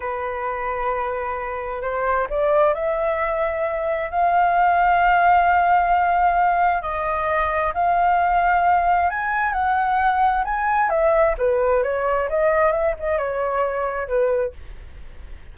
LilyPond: \new Staff \with { instrumentName = "flute" } { \time 4/4 \tempo 4 = 132 b'1 | c''4 d''4 e''2~ | e''4 f''2.~ | f''2. dis''4~ |
dis''4 f''2. | gis''4 fis''2 gis''4 | e''4 b'4 cis''4 dis''4 | e''8 dis''8 cis''2 b'4 | }